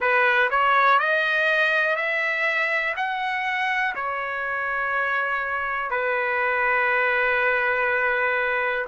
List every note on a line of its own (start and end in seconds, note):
0.00 0.49 B4
0.50 0.99 C#5
0.99 1.95 D#5
1.95 2.94 E5
2.96 3.94 F#5
3.95 5.90 C#5
5.90 8.85 B4